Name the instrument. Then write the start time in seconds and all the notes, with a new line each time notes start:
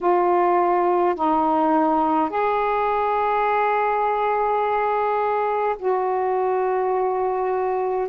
saxophone
0.01 F4
1.15 D#4
2.29 G#4
5.78 F#4